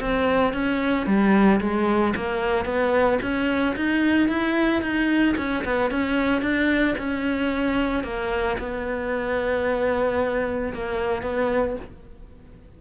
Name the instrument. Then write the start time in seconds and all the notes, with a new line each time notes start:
cello
0.00 C4
0.53 C#4
1.06 G3
1.60 G#3
2.16 A#3
2.65 B3
3.22 C#4
3.76 D#4
4.28 E4
4.82 D#4
5.37 C#4
5.64 B3
5.91 C#4
6.41 D4
6.98 C#4
8.04 A#3
8.59 B3
10.73 A#3
11.22 B3